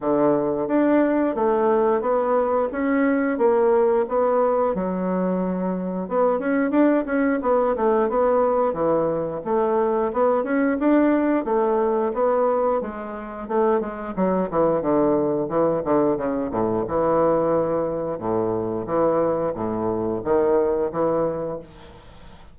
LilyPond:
\new Staff \with { instrumentName = "bassoon" } { \time 4/4 \tempo 4 = 89 d4 d'4 a4 b4 | cis'4 ais4 b4 fis4~ | fis4 b8 cis'8 d'8 cis'8 b8 a8 | b4 e4 a4 b8 cis'8 |
d'4 a4 b4 gis4 | a8 gis8 fis8 e8 d4 e8 d8 | cis8 a,8 e2 a,4 | e4 a,4 dis4 e4 | }